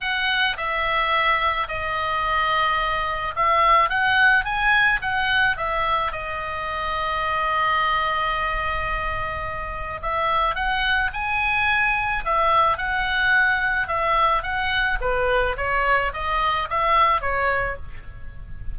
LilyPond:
\new Staff \with { instrumentName = "oboe" } { \time 4/4 \tempo 4 = 108 fis''4 e''2 dis''4~ | dis''2 e''4 fis''4 | gis''4 fis''4 e''4 dis''4~ | dis''1~ |
dis''2 e''4 fis''4 | gis''2 e''4 fis''4~ | fis''4 e''4 fis''4 b'4 | cis''4 dis''4 e''4 cis''4 | }